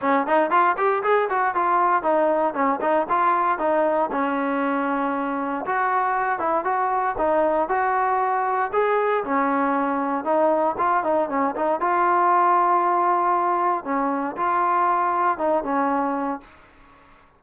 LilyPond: \new Staff \with { instrumentName = "trombone" } { \time 4/4 \tempo 4 = 117 cis'8 dis'8 f'8 g'8 gis'8 fis'8 f'4 | dis'4 cis'8 dis'8 f'4 dis'4 | cis'2. fis'4~ | fis'8 e'8 fis'4 dis'4 fis'4~ |
fis'4 gis'4 cis'2 | dis'4 f'8 dis'8 cis'8 dis'8 f'4~ | f'2. cis'4 | f'2 dis'8 cis'4. | }